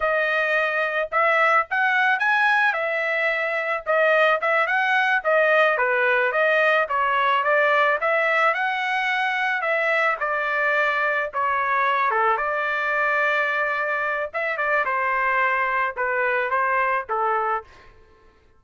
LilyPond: \new Staff \with { instrumentName = "trumpet" } { \time 4/4 \tempo 4 = 109 dis''2 e''4 fis''4 | gis''4 e''2 dis''4 | e''8 fis''4 dis''4 b'4 dis''8~ | dis''8 cis''4 d''4 e''4 fis''8~ |
fis''4. e''4 d''4.~ | d''8 cis''4. a'8 d''4.~ | d''2 e''8 d''8 c''4~ | c''4 b'4 c''4 a'4 | }